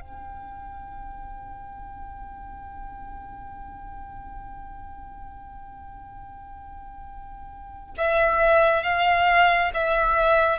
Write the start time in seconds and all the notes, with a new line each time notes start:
0.00 G5
7.97 E5
8.83 F5
9.74 E5